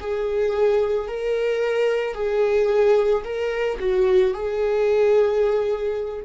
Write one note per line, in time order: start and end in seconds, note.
0.00 1.08 G#4
1.08 2.14 A#4
2.14 3.23 G#4
3.24 3.78 A#4
3.79 4.33 F#4
4.33 6.24 G#4